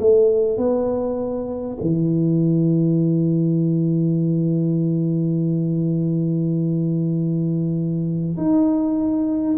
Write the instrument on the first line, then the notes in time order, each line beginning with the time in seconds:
tuba
0.00 A3
0.58 B3
1.82 E3
8.37 D#4